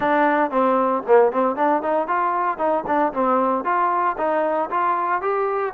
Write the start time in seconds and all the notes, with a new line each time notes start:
0.00 D4
0.50 C4
1.06 A#3
1.32 C4
1.56 D4
1.82 D#4
2.07 F4
2.58 D#4
2.86 D4
3.13 C4
3.64 F4
4.17 D#4
4.70 F4
5.21 G4